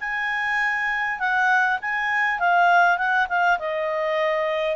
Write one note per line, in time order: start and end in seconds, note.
0.00 1.19 G#5
1.19 1.78 F#5
1.81 2.39 G#5
2.39 2.97 F5
2.97 3.27 F#5
3.29 3.58 F5
3.59 4.76 D#5